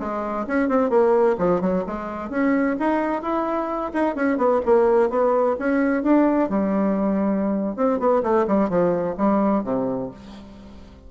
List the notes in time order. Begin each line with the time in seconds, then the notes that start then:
0.00 G#3
0.47 C#4
0.69 C4
0.90 A#3
1.38 F3
1.61 F#3
1.87 G#3
2.30 C#4
2.80 D#4
3.22 E4
3.94 D#4
4.16 C#4
4.38 B3
4.66 A#3
5.10 B3
5.60 C#4
6.03 D4
6.50 G3
7.77 C4
8.00 B3
8.23 A3
8.48 G3
8.70 F3
9.18 G3
9.64 C3